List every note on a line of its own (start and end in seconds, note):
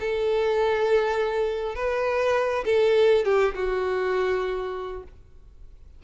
0.00 1.75 A4
1.75 2.64 B4
2.65 3.25 A4
3.25 3.55 G4
3.55 5.04 F#4